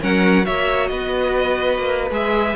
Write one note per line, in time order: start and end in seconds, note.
0.00 0.47 F#3
0.00 0.44 C#4
0.00 0.45 A#4
0.00 0.45 F#5
0.44 0.90 A#3
0.44 2.10 F#4
0.44 0.90 C#5
0.44 0.88 E5
0.88 1.78 B3
0.88 2.56 B4
0.88 2.10 D#5
1.78 2.11 A#3
2.11 2.55 G#3
2.11 2.56 G#4
2.11 2.56 E5